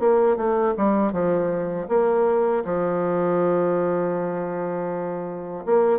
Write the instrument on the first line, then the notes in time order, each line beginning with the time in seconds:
bassoon
0.00 A#3
0.37 A3
0.78 G3
1.13 F3
1.89 A#3
2.65 F3
5.66 A#3